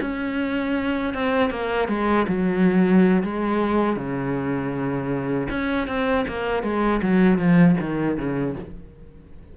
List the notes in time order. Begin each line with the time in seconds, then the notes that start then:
0.00 C#4
1.14 C4
1.50 A#3
1.88 G#3
2.28 F#3
3.23 G#3
3.96 C#3
5.50 C#4
5.87 C4
6.27 A#3
6.62 G#3
7.02 F#3
7.38 F3
7.80 D#3
8.17 C#3